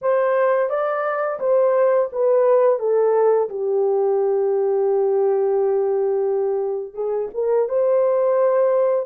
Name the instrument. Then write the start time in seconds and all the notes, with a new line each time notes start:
horn
0.01 C5
0.69 D5
1.40 C5
2.12 B4
2.79 A4
3.49 G4
6.94 G#4
7.34 A#4
7.68 C5